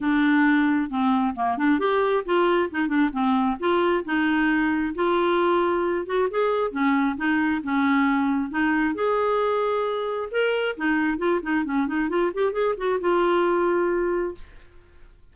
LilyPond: \new Staff \with { instrumentName = "clarinet" } { \time 4/4 \tempo 4 = 134 d'2 c'4 ais8 d'8 | g'4 f'4 dis'8 d'8 c'4 | f'4 dis'2 f'4~ | f'4. fis'8 gis'4 cis'4 |
dis'4 cis'2 dis'4 | gis'2. ais'4 | dis'4 f'8 dis'8 cis'8 dis'8 f'8 g'8 | gis'8 fis'8 f'2. | }